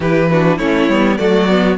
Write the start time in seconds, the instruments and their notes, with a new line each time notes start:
0.00 cello E3, viola E4, violin G4 B4
0.31 viola D4, violin F#4
0.57 cello A3, viola C#4, violin E4 C#5
0.88 cello G3, viola B3
1.17 cello F#3, viola A3, violin F#4 D5
1.48 viola B3